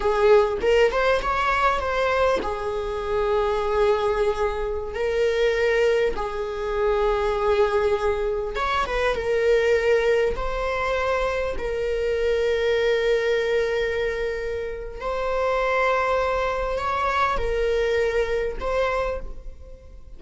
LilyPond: \new Staff \with { instrumentName = "viola" } { \time 4/4 \tempo 4 = 100 gis'4 ais'8 c''8 cis''4 c''4 | gis'1~ | gis'16 ais'2 gis'4.~ gis'16~ | gis'2~ gis'16 cis''8 b'8 ais'8.~ |
ais'4~ ais'16 c''2 ais'8.~ | ais'1~ | ais'4 c''2. | cis''4 ais'2 c''4 | }